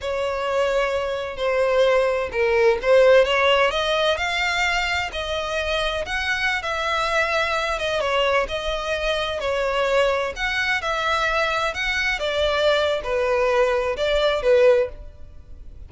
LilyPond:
\new Staff \with { instrumentName = "violin" } { \time 4/4 \tempo 4 = 129 cis''2. c''4~ | c''4 ais'4 c''4 cis''4 | dis''4 f''2 dis''4~ | dis''4 fis''4~ fis''16 e''4.~ e''16~ |
e''8. dis''8 cis''4 dis''4.~ dis''16~ | dis''16 cis''2 fis''4 e''8.~ | e''4~ e''16 fis''4 d''4.~ d''16 | b'2 d''4 b'4 | }